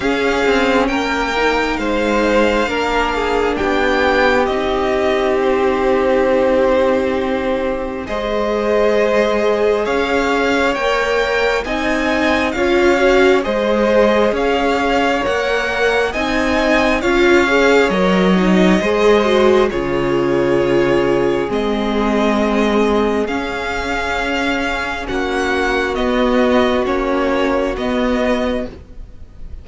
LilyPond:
<<
  \new Staff \with { instrumentName = "violin" } { \time 4/4 \tempo 4 = 67 f''4 g''4 f''2 | g''4 dis''4 c''2~ | c''4 dis''2 f''4 | g''4 gis''4 f''4 dis''4 |
f''4 fis''4 gis''4 f''4 | dis''2 cis''2 | dis''2 f''2 | fis''4 dis''4 cis''4 dis''4 | }
  \new Staff \with { instrumentName = "violin" } { \time 4/4 gis'4 ais'4 c''4 ais'8 gis'8 | g'1~ | g'4 c''2 cis''4~ | cis''4 dis''4 cis''4 c''4 |
cis''2 dis''4 cis''4~ | cis''4 c''4 gis'2~ | gis'1 | fis'1 | }
  \new Staff \with { instrumentName = "viola" } { \time 4/4 cis'4. dis'4. d'4~ | d'4 dis'2.~ | dis'4 gis'2. | ais'4 dis'4 f'8 fis'8 gis'4~ |
gis'4 ais'4 dis'4 f'8 gis'8 | ais'8 dis'8 gis'8 fis'8 f'2 | c'2 cis'2~ | cis'4 b4 cis'4 b4 | }
  \new Staff \with { instrumentName = "cello" } { \time 4/4 cis'8 c'8 ais4 gis4 ais4 | b4 c'2.~ | c'4 gis2 cis'4 | ais4 c'4 cis'4 gis4 |
cis'4 ais4 c'4 cis'4 | fis4 gis4 cis2 | gis2 cis'2 | ais4 b4 ais4 b4 | }
>>